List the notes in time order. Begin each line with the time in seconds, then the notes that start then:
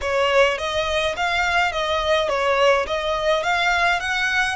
0.01 C#5
0.57 D#5
1.16 F5
1.71 D#5
2.29 C#5
2.86 D#5
3.43 F5
3.99 F#5